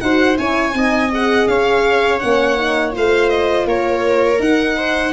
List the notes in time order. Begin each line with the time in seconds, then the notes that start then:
0.00 D#4 F#4 C5 F#5
0.36 C#4 E4 C#5 G#5
0.73 C4 D#4 D#5
1.12 G#4 F#5
1.47 C#4 C#5 F5
2.19 A#3 C#4 F#5
2.56 D#4
2.91 A3 F4 C5 F5
3.29 D#5
3.65 A#3 A#4 C#5
4.39 D#4 F#5
4.77 C5